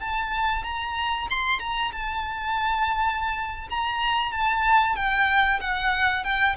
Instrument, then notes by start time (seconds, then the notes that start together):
violin
0.00 A5
0.64 A#5
1.30 C6
1.60 A#5
1.92 A5
3.70 A#5
4.32 A5
4.96 G5
5.60 F#5
6.24 G5